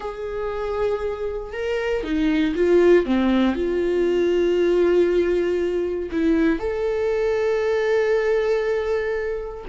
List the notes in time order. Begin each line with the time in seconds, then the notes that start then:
0.00 G#4
1.53 A#4
2.03 D#4
2.55 F4
3.05 C4
3.55 F4
6.11 E4
6.59 A4